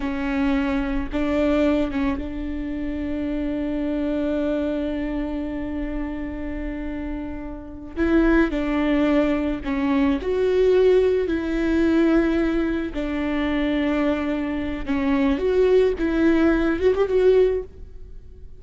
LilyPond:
\new Staff \with { instrumentName = "viola" } { \time 4/4 \tempo 4 = 109 cis'2 d'4. cis'8 | d'1~ | d'1~ | d'2~ d'8 e'4 d'8~ |
d'4. cis'4 fis'4.~ | fis'8 e'2. d'8~ | d'2. cis'4 | fis'4 e'4. fis'16 g'16 fis'4 | }